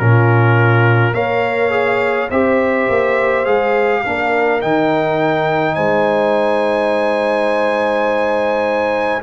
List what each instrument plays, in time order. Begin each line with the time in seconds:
0.00 tuba A#2, trombone C#4, horn F4, trumpet A#4
1.13 tuba A#3, trombone A#4, horn C#5, trumpet F5
1.71 trombone G#4
2.30 tuba C4, trombone G4, horn C5, trumpet E5
2.89 tuba A#3
3.46 tuba G#3, trombone G#4, trumpet F5
4.05 tuba A#3, trombone D4, horn A#4
4.61 tuba D#3, trombone D#4, trumpet G5
5.75 tuba G#3, horn C5, trumpet G#5